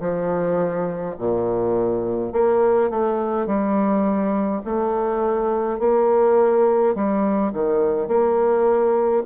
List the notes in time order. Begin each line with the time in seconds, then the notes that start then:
0.00 F3
1.19 A#2
2.33 A#3
2.90 A3
3.47 G3
4.65 A3
5.80 A#3
6.95 G3
7.53 D#3
8.08 A#3